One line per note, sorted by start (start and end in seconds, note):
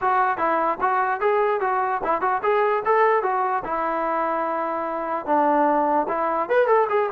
0.01 0.37 F#4
0.37 0.78 E4
0.81 1.20 F#4
1.20 1.60 G#4
1.60 2.01 F#4
2.04 2.21 E4
2.21 2.41 F#4
2.42 2.83 G#4
2.85 3.22 A4
3.22 3.63 F#4
3.64 5.25 E4
5.25 6.06 D4
6.08 6.49 E4
6.49 6.67 B4
6.67 6.87 A4
6.89 7.09 G#4